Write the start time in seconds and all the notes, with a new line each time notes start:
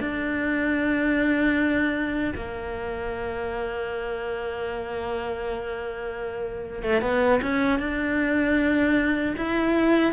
0.00 D4
2.35 A#3
6.83 A3
7.02 B3
7.42 C#4
7.80 D4
9.37 E4